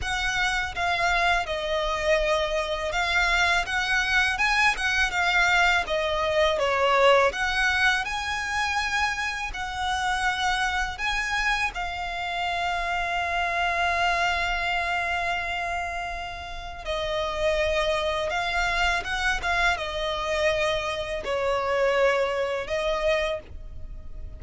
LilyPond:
\new Staff \with { instrumentName = "violin" } { \time 4/4 \tempo 4 = 82 fis''4 f''4 dis''2 | f''4 fis''4 gis''8 fis''8 f''4 | dis''4 cis''4 fis''4 gis''4~ | gis''4 fis''2 gis''4 |
f''1~ | f''2. dis''4~ | dis''4 f''4 fis''8 f''8 dis''4~ | dis''4 cis''2 dis''4 | }